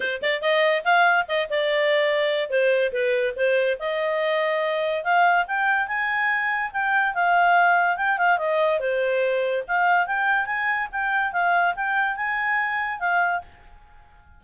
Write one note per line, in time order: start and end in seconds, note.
0.00 0.21 C5
0.22 0.41 D5
0.41 0.83 D#5
0.84 1.26 F5
1.28 1.49 D#5
1.49 2.50 D5
2.50 2.92 C5
2.92 3.34 B4
3.36 3.78 C5
3.79 5.03 D#5
5.03 5.45 F5
5.47 5.87 G5
5.87 6.71 G#5
6.72 7.14 G5
7.14 7.97 F5
7.97 8.17 G5
8.17 8.37 F5
8.37 8.79 D#5
8.79 9.63 C5
9.67 10.06 F5
10.06 10.46 G5
10.46 10.88 G#5
10.92 11.32 G5
11.32 11.74 F5
11.75 12.16 G5
12.16 12.99 G#5
12.99 13.41 F5